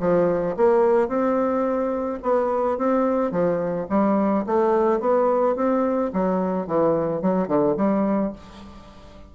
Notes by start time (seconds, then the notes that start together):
0.00 F3
0.56 A#3
1.08 C4
2.22 B3
2.78 C4
3.31 F3
3.89 G3
4.46 A3
5.00 B3
5.56 C4
6.13 F#3
6.67 E3
7.22 F#3
7.47 D3
7.77 G3